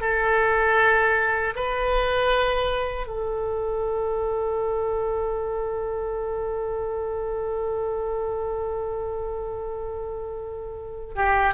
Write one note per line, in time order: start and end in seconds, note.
0.00 1.54 A4
1.55 3.06 B4
3.06 11.14 A4
11.15 11.53 G4